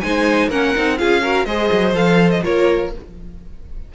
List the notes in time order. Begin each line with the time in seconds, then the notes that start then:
0.00 G#3 D#4 C5 G#5
0.48 A#3 C#4 A#4 F#5
0.75 C4 D#4
0.98 C#4 F4 G#4 F5
1.22 F#4 A#4
1.45 G#3 G#4 C5 D#5
1.72 F#3
1.93 F3 A4 F5
2.30 D#5
2.43 A#3 F4 A#4 C#5